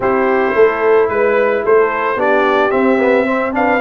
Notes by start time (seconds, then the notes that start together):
0.00 C4 E4 G4 C5
0.55 A3 A4
1.09 G#3 B4
1.64 A3 A4 C5
2.15 B3 D4 G4 D5
2.70 C4 E5
2.99 B3
3.26 C4 C5
3.52 D4 B4 F5